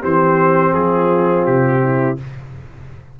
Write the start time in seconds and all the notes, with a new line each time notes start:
0.00 E3 C4 G4 C5
0.72 F3 F4 G#4
1.45 C3 G4
1.83 E4